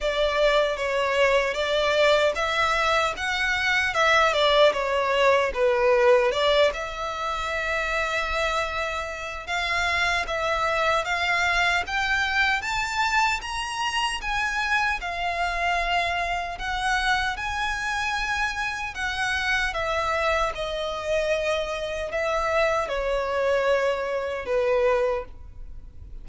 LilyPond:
\new Staff \with { instrumentName = "violin" } { \time 4/4 \tempo 4 = 76 d''4 cis''4 d''4 e''4 | fis''4 e''8 d''8 cis''4 b'4 | d''8 e''2.~ e''8 | f''4 e''4 f''4 g''4 |
a''4 ais''4 gis''4 f''4~ | f''4 fis''4 gis''2 | fis''4 e''4 dis''2 | e''4 cis''2 b'4 | }